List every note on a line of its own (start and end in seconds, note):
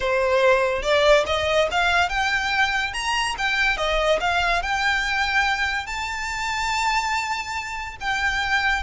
0.00 0.82 C5
0.82 1.24 D5
1.26 1.68 D#5
1.71 2.09 F5
2.09 2.93 G5
2.93 3.35 A#5
3.38 3.77 G5
3.77 4.19 D#5
4.20 4.62 F5
4.62 5.86 G5
5.86 7.96 A5
8.00 8.83 G5